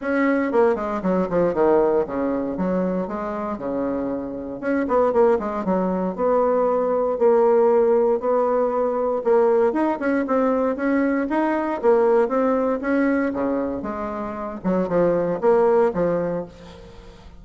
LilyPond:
\new Staff \with { instrumentName = "bassoon" } { \time 4/4 \tempo 4 = 117 cis'4 ais8 gis8 fis8 f8 dis4 | cis4 fis4 gis4 cis4~ | cis4 cis'8 b8 ais8 gis8 fis4 | b2 ais2 |
b2 ais4 dis'8 cis'8 | c'4 cis'4 dis'4 ais4 | c'4 cis'4 cis4 gis4~ | gis8 fis8 f4 ais4 f4 | }